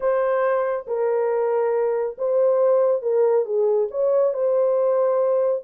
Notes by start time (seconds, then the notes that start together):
0.00 C5
0.87 A#4
2.18 C5
3.02 A#4
3.45 G#4
3.90 C#5
4.33 C5